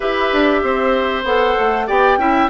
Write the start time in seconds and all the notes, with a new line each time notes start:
0.00 E4 G4 B4 E5
0.32 D4
0.62 C4 C5
1.23 B3 A4 F#5
1.59 A3
1.87 B3 G4 D5 G5
2.17 C#4 E4 E5